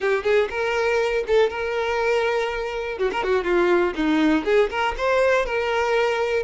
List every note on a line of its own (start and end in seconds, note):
0.00 0.23 G4
0.23 0.48 G#4
0.50 1.24 A#4
1.27 1.49 A4
1.49 2.98 A#4
2.98 3.10 F#4
3.11 3.23 A#4
3.23 3.43 F#4
3.43 3.93 F4
3.95 4.44 D#4
4.44 4.69 G#4
4.69 4.94 A#4
4.97 5.45 C5
5.45 6.43 A#4